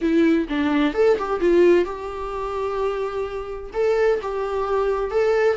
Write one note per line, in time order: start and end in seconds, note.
0.01 0.47 E4
0.48 0.94 D4
0.94 1.17 A4
1.18 1.40 G4
1.40 1.84 F4
1.84 3.70 G4
3.73 4.20 A4
4.22 5.10 G4
5.10 5.57 A4